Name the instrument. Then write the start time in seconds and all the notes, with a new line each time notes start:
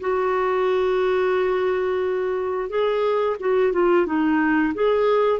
clarinet
0.00 F#4
2.69 G#4
3.40 F#4
3.73 F4
4.06 D#4
4.74 G#4